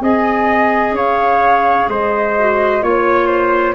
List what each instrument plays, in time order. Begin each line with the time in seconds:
0.00 tuba C4, clarinet G#4, trumpet D#5, flute G#5
0.91 tuba C#4, trumpet C#5, flute F5
1.88 tuba G#3, trumpet C5, flute D#5
2.39 clarinet F#4
2.81 tuba A#3, clarinet F4, trumpet C#5, flute C#5
3.27 trumpet C5